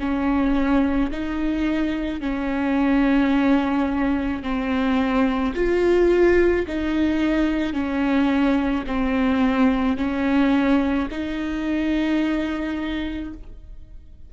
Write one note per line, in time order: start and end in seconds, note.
0.00 1.11 C#4
1.12 2.21 D#4
2.21 4.43 C#4
4.43 5.55 C4
5.55 6.66 F4
6.68 7.74 D#4
7.74 8.85 C#4
8.87 9.97 C4
9.97 11.09 C#4
11.11 13.33 D#4